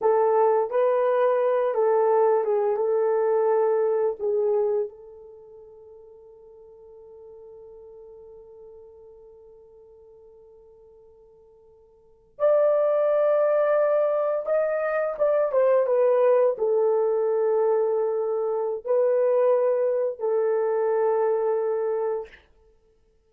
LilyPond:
\new Staff \with { instrumentName = "horn" } { \time 4/4 \tempo 4 = 86 a'4 b'4. a'4 gis'8 | a'2 gis'4 a'4~ | a'1~ | a'1~ |
a'4.~ a'16 d''2~ d''16~ | d''8. dis''4 d''8 c''8 b'4 a'16~ | a'2. b'4~ | b'4 a'2. | }